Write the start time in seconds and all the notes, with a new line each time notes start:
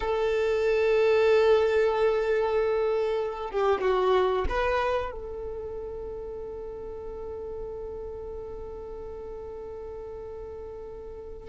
0.00 A4
3.50 G4
3.81 F#4
4.49 B4
5.11 A4